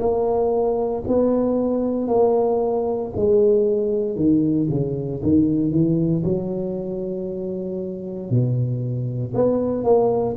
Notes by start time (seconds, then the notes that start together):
0.00 A#3
1.08 B3
2.08 A#3
3.16 G#3
4.16 D#3
4.70 C#3
5.23 D#3
5.72 E3
6.24 F#3
8.30 B2
9.35 B3
9.84 A#3